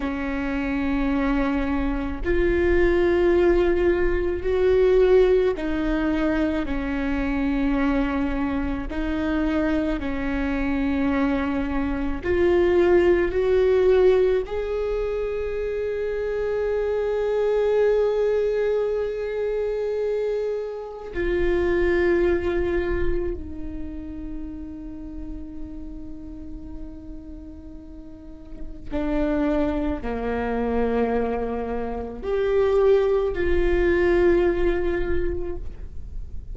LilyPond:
\new Staff \with { instrumentName = "viola" } { \time 4/4 \tempo 4 = 54 cis'2 f'2 | fis'4 dis'4 cis'2 | dis'4 cis'2 f'4 | fis'4 gis'2.~ |
gis'2. f'4~ | f'4 dis'2.~ | dis'2 d'4 ais4~ | ais4 g'4 f'2 | }